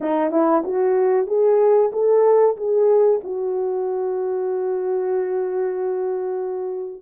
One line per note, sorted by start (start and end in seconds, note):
0.00 0.31 D#4
0.31 0.63 E4
0.64 1.26 F#4
1.26 1.90 G#4
1.92 2.56 A4
2.56 3.20 G#4
3.23 7.02 F#4